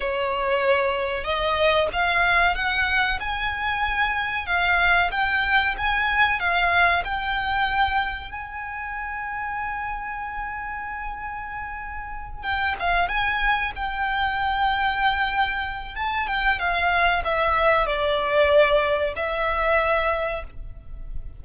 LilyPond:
\new Staff \with { instrumentName = "violin" } { \time 4/4 \tempo 4 = 94 cis''2 dis''4 f''4 | fis''4 gis''2 f''4 | g''4 gis''4 f''4 g''4~ | g''4 gis''2.~ |
gis''2.~ gis''8 g''8 | f''8 gis''4 g''2~ g''8~ | g''4 a''8 g''8 f''4 e''4 | d''2 e''2 | }